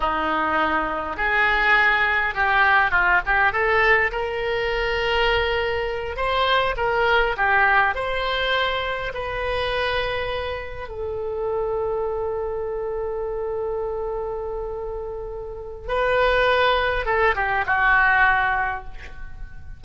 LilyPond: \new Staff \with { instrumentName = "oboe" } { \time 4/4 \tempo 4 = 102 dis'2 gis'2 | g'4 f'8 g'8 a'4 ais'4~ | ais'2~ ais'8 c''4 ais'8~ | ais'8 g'4 c''2 b'8~ |
b'2~ b'8 a'4.~ | a'1~ | a'2. b'4~ | b'4 a'8 g'8 fis'2 | }